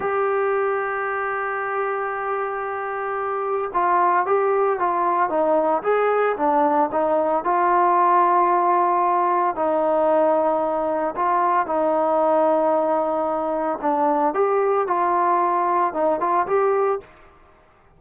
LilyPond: \new Staff \with { instrumentName = "trombone" } { \time 4/4 \tempo 4 = 113 g'1~ | g'2. f'4 | g'4 f'4 dis'4 gis'4 | d'4 dis'4 f'2~ |
f'2 dis'2~ | dis'4 f'4 dis'2~ | dis'2 d'4 g'4 | f'2 dis'8 f'8 g'4 | }